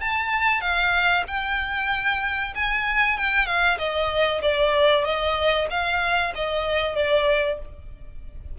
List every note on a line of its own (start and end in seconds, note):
0.00 0.61 A5
0.61 1.24 F5
1.27 2.53 G5
2.55 3.17 G#5
3.17 3.46 G5
3.46 3.78 F5
3.78 4.41 D#5
4.42 5.04 D5
5.04 5.67 D#5
5.70 6.33 F5
6.35 6.95 D#5
6.95 7.58 D5